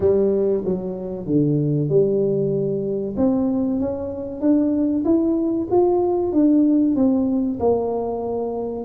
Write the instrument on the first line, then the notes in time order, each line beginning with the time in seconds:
tuba
0.00 G3
0.64 F#3
1.26 D3
1.89 G3
3.16 C4
3.80 C#4
4.40 D4
5.04 E4
5.70 F4
6.32 D4
6.95 C4
7.59 A#3